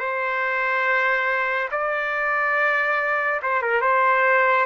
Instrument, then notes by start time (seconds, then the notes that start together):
trumpet
0.00 C5
1.72 D5
3.43 C5
3.62 A#4
3.81 C5